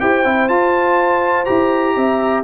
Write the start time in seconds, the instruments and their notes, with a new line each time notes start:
0.00 tuba E4, trombone G4, horn C5, trumpet G5
0.24 tuba C4, trombone E4
0.48 tuba F4, trombone F4, trumpet A5
1.45 tuba E4, trombone G4, trumpet A#5
1.95 tuba C4, horn E5